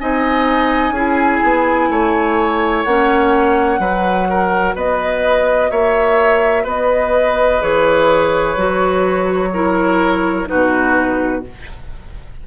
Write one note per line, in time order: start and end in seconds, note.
0.00 0.91 C4
0.00 0.95 D#4
0.00 0.93 D#5
0.00 2.84 G#5
0.91 1.38 C#4
0.91 2.86 E4
0.91 1.89 G#4
1.43 1.89 B3
1.89 2.85 A3
1.89 3.80 C#5
2.84 3.79 A#3
2.84 3.81 C#4
2.84 4.74 F#5
3.79 4.74 F#3
3.79 7.62 F#4
3.79 4.28 B4
4.29 4.75 A#4
4.75 5.71 B3
4.75 5.70 B4
4.75 5.71 D#5
5.71 6.65 A#3
5.71 6.63 C#5
5.71 6.66 E5
6.63 7.60 B3
6.63 9.49 B4
6.63 7.62 D#5
7.62 8.56 E3
7.62 8.57 G#4
7.62 10.48 C#5
8.56 10.47 F#3
8.56 9.53 F#4
9.53 10.46 E4
9.53 10.49 A#4
10.46 11.47 B2
10.46 11.42 D#4
10.46 11.45 F#4
10.46 11.44 B4